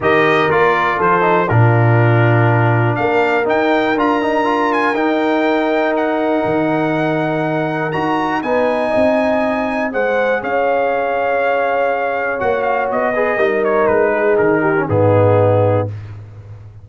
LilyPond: <<
  \new Staff \with { instrumentName = "trumpet" } { \time 4/4 \tempo 4 = 121 dis''4 d''4 c''4 ais'4~ | ais'2 f''4 g''4 | ais''4. gis''8 g''2 | fis''1 |
ais''4 gis''2. | fis''4 f''2.~ | f''4 fis''8 f''8 dis''4. cis''8 | b'4 ais'4 gis'2 | }
  \new Staff \with { instrumentName = "horn" } { \time 4/4 ais'2 a'4 f'4~ | f'2 ais'2~ | ais'1~ | ais'1~ |
ais'4 b'4 dis''2 | c''4 cis''2.~ | cis''2~ cis''8 b'8 ais'4~ | ais'8 gis'4 g'8 dis'2 | }
  \new Staff \with { instrumentName = "trombone" } { \time 4/4 g'4 f'4. dis'8 d'4~ | d'2. dis'4 | f'8 dis'8 f'4 dis'2~ | dis'1 |
fis'4 dis'2. | gis'1~ | gis'4 fis'4. gis'8 dis'4~ | dis'4.~ dis'16 cis'16 b2 | }
  \new Staff \with { instrumentName = "tuba" } { \time 4/4 dis4 ais4 f4 ais,4~ | ais,2 ais4 dis'4 | d'2 dis'2~ | dis'4 dis2. |
dis'4 b4 c'2 | gis4 cis'2.~ | cis'4 ais4 b4 g4 | gis4 dis4 gis,2 | }
>>